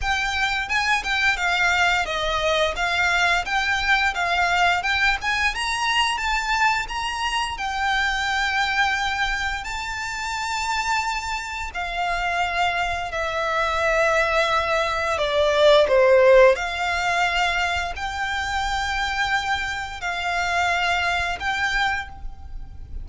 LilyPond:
\new Staff \with { instrumentName = "violin" } { \time 4/4 \tempo 4 = 87 g''4 gis''8 g''8 f''4 dis''4 | f''4 g''4 f''4 g''8 gis''8 | ais''4 a''4 ais''4 g''4~ | g''2 a''2~ |
a''4 f''2 e''4~ | e''2 d''4 c''4 | f''2 g''2~ | g''4 f''2 g''4 | }